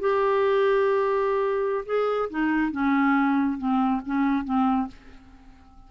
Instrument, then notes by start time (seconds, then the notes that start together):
clarinet
0.00 G4
1.86 G#4
2.30 D#4
2.71 C#4
3.58 C4
4.06 C#4
4.44 C4